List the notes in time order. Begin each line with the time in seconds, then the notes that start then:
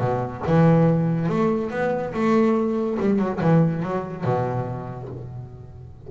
0.00 B2
0.47 E3
1.29 A3
1.71 B3
2.13 A3
3.00 G3
3.19 F#3
3.41 E3
3.83 F#3
4.24 B2